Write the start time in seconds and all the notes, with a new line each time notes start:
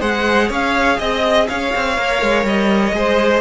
0.00 G#3 G#4 C5 F#5
0.49 C#4 C#5 F5
0.99 C4 D#5
1.48 C#4 C#5 F5
1.75 C4
1.98 A#3 A#4
2.22 G#3
2.44 G3 D#5
2.93 G#3 G#4 C5